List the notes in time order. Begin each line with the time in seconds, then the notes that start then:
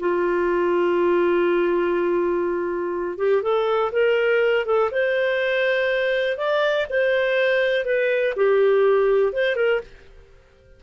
0.00 F4
3.18 G4
3.43 A4
3.93 A#4
4.66 A4
4.92 C5
6.38 D5
6.90 C5
7.85 B4
8.37 G4
9.33 C5
9.56 A#4